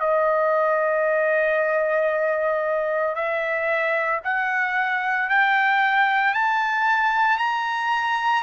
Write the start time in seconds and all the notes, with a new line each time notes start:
0.00 D#5
3.15 E5
4.24 F#5
5.29 G5
6.34 A5
7.38 A#5